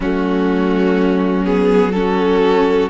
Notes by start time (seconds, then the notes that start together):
0.00 F#3 A3 C#4 F#4
1.45 B3 G#4
1.92 C#4 F#4 A4